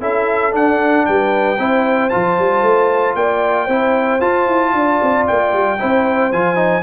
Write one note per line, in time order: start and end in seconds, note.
0.00 0.52 C#4
0.00 0.52 E4
0.00 1.05 A4
0.00 0.55 E5
0.52 1.57 D4
0.52 1.05 D4
0.52 1.06 F#5
1.06 1.59 G3
1.06 1.60 B4
1.06 2.10 G5
1.59 2.12 C4
1.59 2.11 E4
1.59 3.17 C5
2.10 2.39 F3
2.10 3.69 F4
2.10 3.15 A5
2.39 2.62 G3
2.62 3.15 A3
3.15 3.68 A#3
3.15 3.65 D5
3.15 4.21 G5
3.65 4.21 C4
3.65 4.21 E4
3.65 4.71 C5
4.21 5.78 F4
4.21 4.47 F4
4.21 5.26 A5
4.47 4.74 E4
4.74 5.00 D4
4.74 5.80 D5
5.02 5.29 C4
5.27 5.53 A#3
5.27 6.32 G5
5.53 5.79 G3
5.80 6.33 C4
5.80 6.32 E4
5.80 6.83 C5
6.32 6.83 F3
6.32 6.56 F4
6.32 6.83 G#5
6.56 6.82 D#4